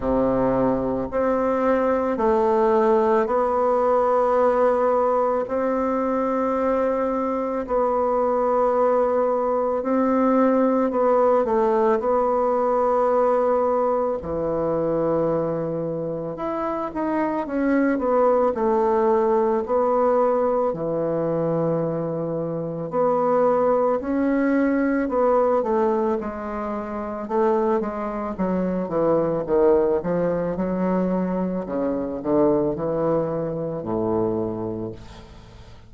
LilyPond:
\new Staff \with { instrumentName = "bassoon" } { \time 4/4 \tempo 4 = 55 c4 c'4 a4 b4~ | b4 c'2 b4~ | b4 c'4 b8 a8 b4~ | b4 e2 e'8 dis'8 |
cis'8 b8 a4 b4 e4~ | e4 b4 cis'4 b8 a8 | gis4 a8 gis8 fis8 e8 dis8 f8 | fis4 cis8 d8 e4 a,4 | }